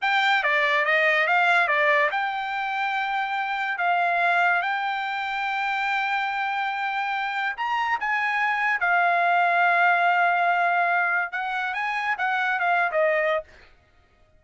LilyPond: \new Staff \with { instrumentName = "trumpet" } { \time 4/4 \tempo 4 = 143 g''4 d''4 dis''4 f''4 | d''4 g''2.~ | g''4 f''2 g''4~ | g''1~ |
g''2 ais''4 gis''4~ | gis''4 f''2.~ | f''2. fis''4 | gis''4 fis''4 f''8. dis''4~ dis''16 | }